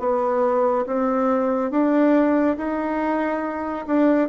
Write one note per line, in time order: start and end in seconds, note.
0.00 0.86 B3
0.86 1.71 C4
1.71 2.57 D4
2.58 3.86 D#4
3.87 4.29 D4